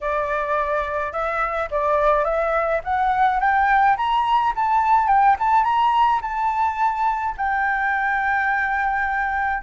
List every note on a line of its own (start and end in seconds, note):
0.01 1.12 D5
1.12 1.69 E5
1.70 2.24 D5
2.24 2.81 E5
2.84 3.40 F#5
3.40 3.96 G5
3.96 4.53 A#5
4.55 5.07 A5
5.07 5.35 G5
5.39 5.63 A5
5.63 6.20 A#5
6.21 7.35 A5
7.37 9.62 G5